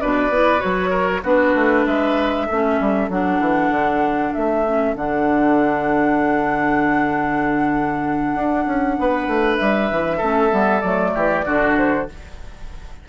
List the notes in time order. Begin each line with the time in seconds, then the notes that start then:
0.00 B2 D4 B4 D5
0.30 B3 E4
0.58 F#3 F#4 C#5
0.90 A#4
1.23 B3 D4 F#4 B4
1.55 A3
1.86 G#3 B4 E5
2.46 A3 C#4 A4
2.80 G3
3.09 F#3 D4 F#5
3.39 E3
3.70 D3
4.33 A3 E5
4.66 C#4
4.94 D3 D4 F#5
8.34 D4
8.66 C#4
8.99 B3 B4
9.27 A3
9.56 G3 E5
9.91 E3
10.17 A3 C#4 A4
10.49 G3 B3
10.80 F#3 A3 D5
11.14 E3 G4
11.45 D3 D4 F#4
11.77 C5